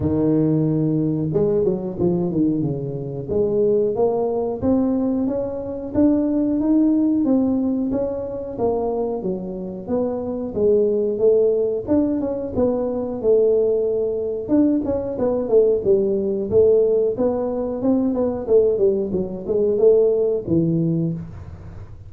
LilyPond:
\new Staff \with { instrumentName = "tuba" } { \time 4/4 \tempo 4 = 91 dis2 gis8 fis8 f8 dis8 | cis4 gis4 ais4 c'4 | cis'4 d'4 dis'4 c'4 | cis'4 ais4 fis4 b4 |
gis4 a4 d'8 cis'8 b4 | a2 d'8 cis'8 b8 a8 | g4 a4 b4 c'8 b8 | a8 g8 fis8 gis8 a4 e4 | }